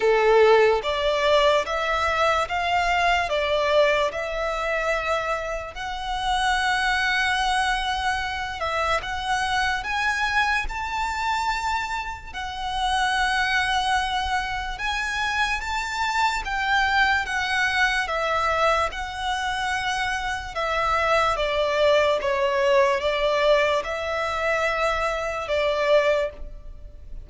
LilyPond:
\new Staff \with { instrumentName = "violin" } { \time 4/4 \tempo 4 = 73 a'4 d''4 e''4 f''4 | d''4 e''2 fis''4~ | fis''2~ fis''8 e''8 fis''4 | gis''4 a''2 fis''4~ |
fis''2 gis''4 a''4 | g''4 fis''4 e''4 fis''4~ | fis''4 e''4 d''4 cis''4 | d''4 e''2 d''4 | }